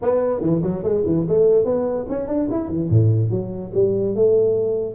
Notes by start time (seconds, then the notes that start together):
0.02 B3
0.40 E3
0.62 F#3
0.83 G#3
1.05 E3
1.28 A3
1.64 B3
2.09 C#4
2.27 D4
2.50 E4
2.68 E3
2.89 A2
3.30 F#3
3.74 G3
4.15 A3